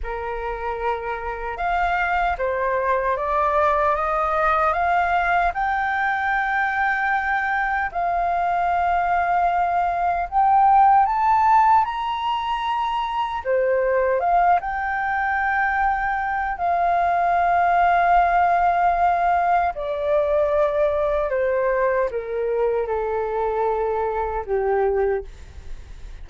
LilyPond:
\new Staff \with { instrumentName = "flute" } { \time 4/4 \tempo 4 = 76 ais'2 f''4 c''4 | d''4 dis''4 f''4 g''4~ | g''2 f''2~ | f''4 g''4 a''4 ais''4~ |
ais''4 c''4 f''8 g''4.~ | g''4 f''2.~ | f''4 d''2 c''4 | ais'4 a'2 g'4 | }